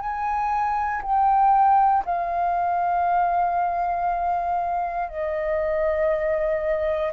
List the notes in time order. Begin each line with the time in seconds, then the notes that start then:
0.00 G#5
1.02 G5
2.05 F5
5.08 D#5